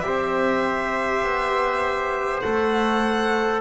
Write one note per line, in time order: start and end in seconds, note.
0.00 1.23 C4
0.00 2.43 G4
0.00 3.61 C5
0.00 2.40 E5
1.23 2.43 B3
2.42 3.61 A3
2.42 3.61 A4
2.42 3.61 F#5